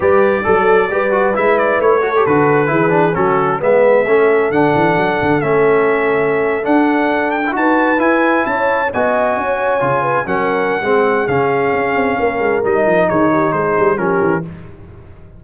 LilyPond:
<<
  \new Staff \with { instrumentName = "trumpet" } { \time 4/4 \tempo 4 = 133 d''2. e''8 d''8 | cis''4 b'2 a'4 | e''2 fis''2 | e''2~ e''8. fis''4~ fis''16~ |
fis''16 g''8 a''4 gis''4 a''4 gis''16~ | gis''2~ gis''8. fis''4~ fis''16~ | fis''4 f''2. | dis''4 cis''4 c''4 ais'4 | }
  \new Staff \with { instrumentName = "horn" } { \time 4/4 b'4 a'4 b'2~ | b'8 a'4. gis'4 fis'4 | b'4 a'2.~ | a'1~ |
a'8. b'2 cis''4 dis''16~ | dis''8. cis''4. b'8 ais'4~ ais'16 | gis'2. ais'4~ | ais'4 gis'8 g'8 gis'4 g'4 | }
  \new Staff \with { instrumentName = "trombone" } { \time 4/4 g'4 a'4 g'8 fis'8 e'4~ | e'8 fis'16 g'16 fis'4 e'8 d'8 cis'4 | b4 cis'4 d'2 | cis'2~ cis'8. d'4~ d'16~ |
d'8 e'16 fis'4 e'2 fis'16~ | fis'4.~ fis'16 f'4 cis'4~ cis'16 | c'4 cis'2. | dis'2. cis'4 | }
  \new Staff \with { instrumentName = "tuba" } { \time 4/4 g4 fis4 g4 gis4 | a4 d4 e4 fis4 | gis4 a4 d8 e8 fis8 d8 | a2~ a8. d'4~ d'16~ |
d'8. dis'4 e'4 cis'4 b16~ | b8. cis'4 cis4 fis4~ fis16 | gis4 cis4 cis'8 c'8 ais8 gis8 | g8 f8 dis4 gis8 g8 f8 e8 | }
>>